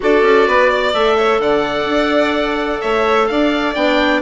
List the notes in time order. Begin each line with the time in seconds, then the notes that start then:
0.00 D4 F#4 A4 D5
0.22 C#4
0.47 B3 B4
0.69 D5
0.93 A3 A4 E5
1.17 C#5
1.39 D3 D5 F#5
1.85 D4
2.80 A3 C#5 E5
3.27 D4 D5 F5
3.74 B3 D4 G5